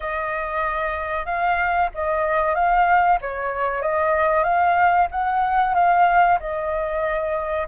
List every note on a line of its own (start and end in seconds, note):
0.00 1.25 D#5
1.25 1.89 F5
1.94 2.54 D#5
2.54 3.18 F5
3.21 3.82 C#5
3.82 4.43 D#5
4.43 5.07 F5
5.11 5.74 F#5
5.74 6.38 F5
6.39 7.67 D#5